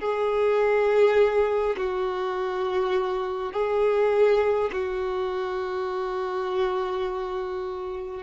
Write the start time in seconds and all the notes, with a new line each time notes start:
0.00 G#4
1.77 F#4
3.53 G#4
4.72 F#4